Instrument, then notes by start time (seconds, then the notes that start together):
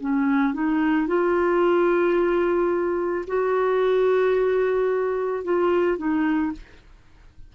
clarinet
0.00 C#4
0.53 D#4
1.07 F4
3.27 F#4
5.44 F4
5.98 D#4